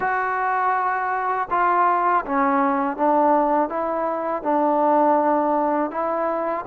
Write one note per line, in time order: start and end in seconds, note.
0.00 1.48 F#4
1.50 2.24 F4
2.25 2.96 C#4
2.96 3.69 D4
3.69 4.42 E4
4.42 5.91 D4
5.91 6.65 E4